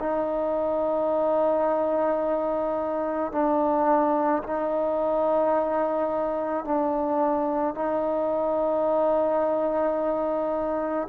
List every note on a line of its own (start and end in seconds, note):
0.00 3.32 D#4
3.32 4.43 D4
4.44 6.65 D#4
6.65 7.75 D4
7.75 11.08 D#4